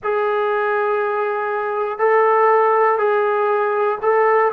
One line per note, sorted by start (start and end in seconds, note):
0.03 1.98 G#4
1.98 2.98 A4
2.98 3.98 G#4
4.01 4.51 A4